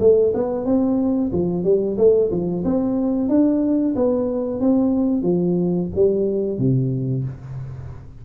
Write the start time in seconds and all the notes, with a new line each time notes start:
0.00 A3
0.34 B3
0.65 C4
1.32 F3
1.64 G3
1.98 A3
2.31 F3
2.65 C4
3.29 D4
3.96 B3
4.61 C4
5.22 F3
5.95 G3
6.58 C3